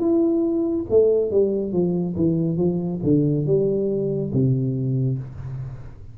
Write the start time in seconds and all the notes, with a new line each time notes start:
0.00 E4
0.90 A3
1.31 G3
1.73 F3
2.17 E3
2.58 F3
3.04 D3
3.46 G3
4.33 C3